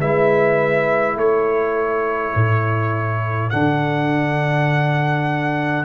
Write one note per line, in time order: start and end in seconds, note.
0.00 1.16 G#3
0.00 3.52 E4
0.00 1.17 B4
0.00 1.18 E5
1.16 2.34 A3
1.16 5.85 A4
1.16 3.50 C#5
2.35 3.53 A2
3.50 5.85 D3
3.50 5.85 D4
3.50 5.85 F#5